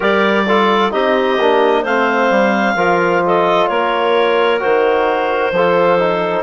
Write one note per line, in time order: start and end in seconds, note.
0.00 0.92 G3
0.00 0.46 G4
0.00 0.44 A#4
0.00 0.92 D5
0.46 0.90 F4
0.46 0.92 A4
0.90 1.38 C4
0.90 1.37 D#4
0.90 1.81 G4
0.90 1.84 D#5
1.38 1.83 A#3
1.38 1.86 D4
1.81 2.29 A3
1.81 2.77 C4
1.81 2.73 C5
1.81 3.23 F5
2.29 2.75 G3
2.75 3.67 F3
2.75 4.59 F4
2.75 3.22 A#4
3.25 3.69 A4
3.25 3.67 D#5
3.67 4.62 A#3
3.67 5.53 A#4
3.67 4.60 C#5
4.59 5.51 D#3
4.59 5.52 F#4
4.59 6.43 C5
5.51 6.43 F3
5.51 5.98 F4
5.51 6.43 A4
5.98 6.43 D#4